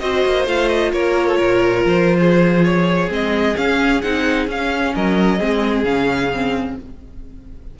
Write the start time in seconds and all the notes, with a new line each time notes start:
0.00 C4 F#4 C5 D#5
0.26 A#3
0.47 A3 F4 F5
0.69 D#5
0.93 A#3 A#4 C#5
1.28 A4
1.37 A#2 A#4
1.85 F3 C5
2.20 G#4
2.65 C#5
3.08 G#3 C4 D#5
3.56 C#4 F5
4.02 C4 D#4 F#5
4.48 C#4 F5
4.95 F#3 A#4 D#5
5.38 G#3 C4 G#4
5.84 C#3 C#4 F5
6.34 C4